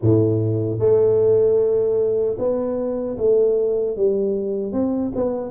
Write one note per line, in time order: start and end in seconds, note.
0.02 0.79 A2
0.79 2.36 A3
2.38 3.17 B3
3.17 3.96 A3
3.96 4.72 G3
4.72 5.11 C4
5.15 5.50 B3